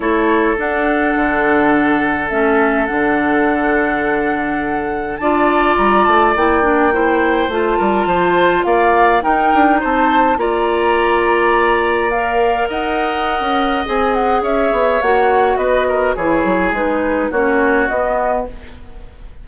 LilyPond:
<<
  \new Staff \with { instrumentName = "flute" } { \time 4/4 \tempo 4 = 104 cis''4 fis''2. | e''4 fis''2.~ | fis''4 a''4 ais''8 a''8 g''4~ | g''4 a''2 f''4 |
g''4 a''4 ais''2~ | ais''4 f''4 fis''2 | gis''8 fis''8 e''4 fis''4 dis''4 | cis''4 b'4 cis''4 dis''4 | }
  \new Staff \with { instrumentName = "oboe" } { \time 4/4 a'1~ | a'1~ | a'4 d''2. | c''4. ais'8 c''4 d''4 |
ais'4 c''4 d''2~ | d''2 dis''2~ | dis''4 cis''2 b'8 ais'8 | gis'2 fis'2 | }
  \new Staff \with { instrumentName = "clarinet" } { \time 4/4 e'4 d'2. | cis'4 d'2.~ | d'4 f'2 e'8 d'8 | e'4 f'2. |
dis'2 f'2~ | f'4 ais'2. | gis'2 fis'2 | e'4 dis'4 cis'4 b4 | }
  \new Staff \with { instrumentName = "bassoon" } { \time 4/4 a4 d'4 d2 | a4 d2.~ | d4 d'4 g8 a8 ais4~ | ais4 a8 g8 f4 ais4 |
dis'8 d'8 c'4 ais2~ | ais2 dis'4~ dis'16 cis'8. | c'4 cis'8 b8 ais4 b4 | e8 fis8 gis4 ais4 b4 | }
>>